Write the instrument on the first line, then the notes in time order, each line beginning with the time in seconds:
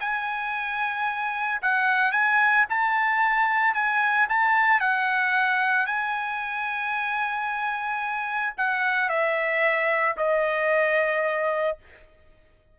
trumpet
0.00 G#5
1.61 F#5
2.12 G#5
2.69 A5
3.74 G#5
4.29 A5
4.80 F#5
5.86 G#5
8.57 F#5
9.09 E5
10.17 D#5